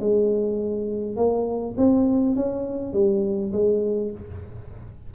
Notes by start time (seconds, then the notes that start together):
0.00 G#3
1.16 A#3
1.78 C4
2.36 C#4
2.93 G3
3.52 G#3